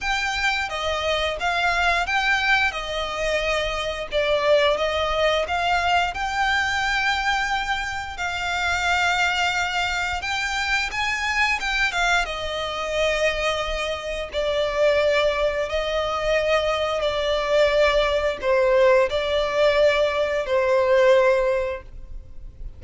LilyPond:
\new Staff \with { instrumentName = "violin" } { \time 4/4 \tempo 4 = 88 g''4 dis''4 f''4 g''4 | dis''2 d''4 dis''4 | f''4 g''2. | f''2. g''4 |
gis''4 g''8 f''8 dis''2~ | dis''4 d''2 dis''4~ | dis''4 d''2 c''4 | d''2 c''2 | }